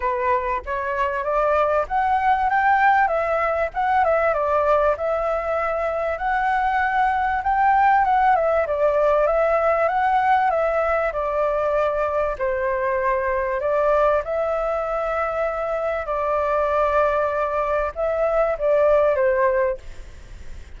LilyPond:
\new Staff \with { instrumentName = "flute" } { \time 4/4 \tempo 4 = 97 b'4 cis''4 d''4 fis''4 | g''4 e''4 fis''8 e''8 d''4 | e''2 fis''2 | g''4 fis''8 e''8 d''4 e''4 |
fis''4 e''4 d''2 | c''2 d''4 e''4~ | e''2 d''2~ | d''4 e''4 d''4 c''4 | }